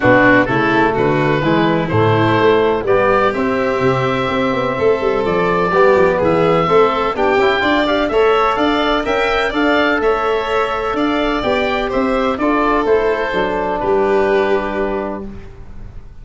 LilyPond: <<
  \new Staff \with { instrumentName = "oboe" } { \time 4/4 \tempo 4 = 126 fis'4 a'4 b'2 | c''2 d''4 e''4~ | e''2. d''4~ | d''4 e''2 g''4~ |
g''8 f''8 e''4 f''4 g''4 | f''4 e''2 f''4 | g''4 e''4 d''4 c''4~ | c''4 b'2. | }
  \new Staff \with { instrumentName = "violin" } { \time 4/4 d'4 e'4 fis'4 e'4~ | e'2 g'2~ | g'2 a'2 | g'4 gis'4 a'4 g'4 |
d''4 cis''4 d''4 e''4 | d''4 cis''2 d''4~ | d''4 c''4 a'2~ | a'4 g'2. | }
  \new Staff \with { instrumentName = "trombone" } { \time 4/4 b4 a2 gis4 | a2 b4 c'4~ | c'1 | b2 c'4 d'8 e'8 |
f'8 g'8 a'2 ais'4 | a'1 | g'2 f'4 e'4 | d'1 | }
  \new Staff \with { instrumentName = "tuba" } { \time 4/4 b,4 cis4 d4 e4 | a,4 a4 g4 c'4 | c4 c'8 b8 a8 g8 f4 | g8 f8 e4 a4 b8 cis'8 |
d'4 a4 d'4 cis'4 | d'4 a2 d'4 | b4 c'4 d'4 a4 | fis4 g2. | }
>>